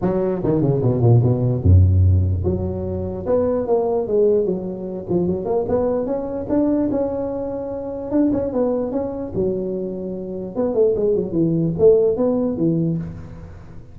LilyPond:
\new Staff \with { instrumentName = "tuba" } { \time 4/4 \tempo 4 = 148 fis4 dis8 cis8 b,8 ais,8 b,4 | fis,2 fis2 | b4 ais4 gis4 fis4~ | fis8 f8 fis8 ais8 b4 cis'4 |
d'4 cis'2. | d'8 cis'8 b4 cis'4 fis4~ | fis2 b8 a8 gis8 fis8 | e4 a4 b4 e4 | }